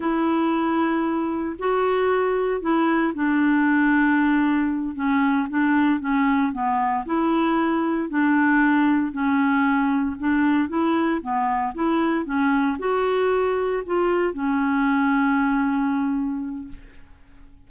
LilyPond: \new Staff \with { instrumentName = "clarinet" } { \time 4/4 \tempo 4 = 115 e'2. fis'4~ | fis'4 e'4 d'2~ | d'4. cis'4 d'4 cis'8~ | cis'8 b4 e'2 d'8~ |
d'4. cis'2 d'8~ | d'8 e'4 b4 e'4 cis'8~ | cis'8 fis'2 f'4 cis'8~ | cis'1 | }